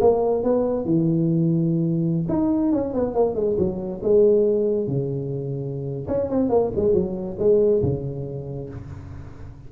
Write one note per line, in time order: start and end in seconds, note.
0.00 0.43 A#3
0.43 0.85 B3
0.85 2.26 E3
2.28 2.72 D#4
2.72 2.93 C#4
2.93 3.14 B3
3.14 3.35 A#3
3.35 3.56 G#3
3.58 4.01 F#3
4.03 4.87 G#3
4.87 6.07 C#3
6.08 6.29 C#4
6.29 6.49 C4
6.49 6.71 A#3
6.75 6.93 G#3
6.93 7.37 F#3
7.39 7.82 G#3
7.82 8.69 C#3